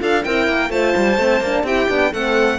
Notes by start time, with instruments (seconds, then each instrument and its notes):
0.00 cello D4, horn F4, clarinet A4, violin F5
0.24 cello C4, horn E4, clarinet A#4, violin G5
0.48 cello A#3
0.70 cello A3, horn F4, clarinet C5, violin A5
0.97 cello G3
1.18 cello A3, horn C4
1.41 cello A#3, horn D4
1.64 cello C4, horn E4, clarinet G4, violin G5
1.90 cello B3, horn D4
2.12 cello A3, horn C4, clarinet A4, violin F#5